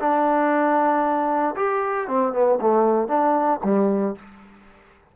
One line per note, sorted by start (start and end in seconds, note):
0.00 1.55 D4
1.56 2.08 G4
2.08 2.33 C4
2.33 2.59 B3
2.61 3.08 A3
3.08 3.60 D4
3.64 4.16 G3